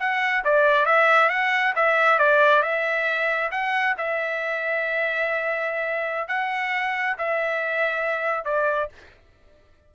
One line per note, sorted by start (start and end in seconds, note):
0.00 0.44 F#5
0.45 0.86 D5
0.86 1.30 E5
1.30 1.74 F#5
1.76 2.19 E5
2.19 2.63 D5
2.63 3.51 E5
3.52 3.96 F#5
3.98 6.29 E5
6.29 7.17 F#5
7.19 8.45 E5
8.45 8.89 D5